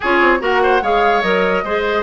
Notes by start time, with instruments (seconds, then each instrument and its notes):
0.00 bassoon C#4, clarinet F4, oboe G#4, flute C#5
0.21 bassoon C4
0.39 bassoon A#3, clarinet F#4, oboe A#4, flute F#5
0.62 oboe C5
0.82 bassoon G#3, clarinet G#4, oboe C#5, flute F5
1.22 bassoon F#3, clarinet A#4, flute D#5
1.63 bassoon G#3, clarinet G#4, oboe C5